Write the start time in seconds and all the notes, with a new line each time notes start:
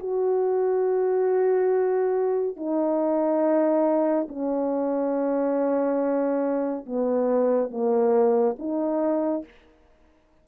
0.00 F#4
2.57 D#4
4.29 C#4
6.86 B3
7.71 A#3
8.59 D#4